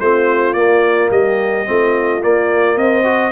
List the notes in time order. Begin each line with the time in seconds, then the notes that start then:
0.00 A3 C4 F4 C5
0.53 A#3 D5
1.11 G3 G4 D#5
1.65 A3 C4 F4
2.22 A#3 D5
2.76 C4 C5 D#5
3.03 F#4